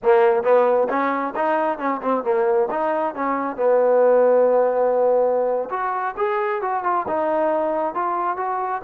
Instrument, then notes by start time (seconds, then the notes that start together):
trombone
0.02 A#3
0.43 B3
0.89 C#4
1.35 D#4
1.78 C#4
2.01 C4
2.23 A#3
2.70 D#4
3.14 C#4
3.56 B3
5.70 F#4
6.17 G#4
6.61 F#4
6.83 F4
7.07 D#4
7.94 F4
8.36 F#4